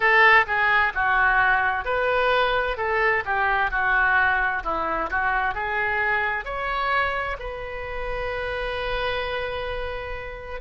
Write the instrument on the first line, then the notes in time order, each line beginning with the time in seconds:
oboe
0.00 A4
0.46 G#4
0.94 F#4
1.85 B4
2.77 A4
3.25 G4
3.70 F#4
4.63 E4
5.10 F#4
5.54 G#4
6.44 C#5
7.39 B4